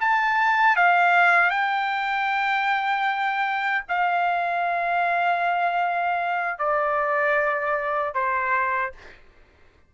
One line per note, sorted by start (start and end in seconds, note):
0.00 0.76 A5
0.76 1.50 F5
1.50 3.84 G5
3.88 6.58 F5
6.58 8.14 D5
8.14 8.92 C5